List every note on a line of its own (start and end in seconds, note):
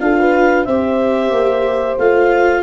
0.00 0.66 D4
0.00 0.66 F4
0.00 0.19 A4
0.00 0.65 F5
0.19 0.66 B4
0.65 1.31 C4
0.65 2.00 G4
0.65 2.63 C5
0.65 1.97 E5
1.31 1.97 A#3
1.98 2.63 A3
1.98 2.63 F4
1.98 2.63 F5